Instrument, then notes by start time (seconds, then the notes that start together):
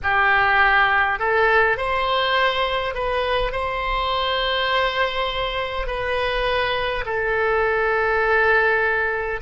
oboe
0.03 G4
1.19 A4
1.76 C5
2.94 B4
3.52 C5
5.87 B4
7.05 A4